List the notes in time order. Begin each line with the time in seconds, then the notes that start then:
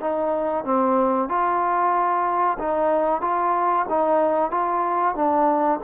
0.00 D#4
0.64 C4
1.28 F4
2.58 D#4
3.21 F4
3.89 D#4
4.50 F4
5.15 D4